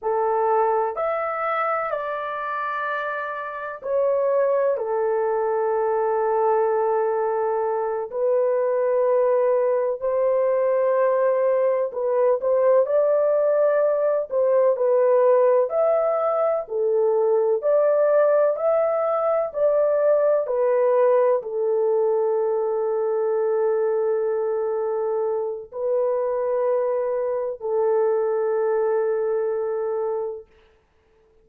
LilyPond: \new Staff \with { instrumentName = "horn" } { \time 4/4 \tempo 4 = 63 a'4 e''4 d''2 | cis''4 a'2.~ | a'8 b'2 c''4.~ | c''8 b'8 c''8 d''4. c''8 b'8~ |
b'8 e''4 a'4 d''4 e''8~ | e''8 d''4 b'4 a'4.~ | a'2. b'4~ | b'4 a'2. | }